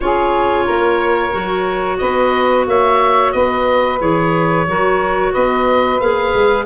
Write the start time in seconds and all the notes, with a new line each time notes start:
0.00 C#4 F4 G#4 C#5
0.64 A#3 A#4
1.31 F#3 F#4
1.98 B3 B4 D#5
2.67 A#3 C#5 E5
3.32 B3 B4 D#5
3.99 E3 G#4 C#5
4.67 F#3 F#4 A#4
5.32 B3 B4 D#5
6.00 A#3 G#4 F5
6.34 G#3